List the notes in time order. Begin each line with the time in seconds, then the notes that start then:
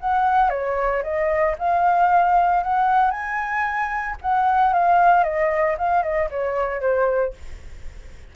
0.00 F#5
0.50 C#5
1.03 D#5
1.58 F5
2.63 F#5
3.11 G#5
4.22 F#5
4.73 F5
5.24 D#5
5.78 F5
6.03 D#5
6.30 C#5
6.81 C5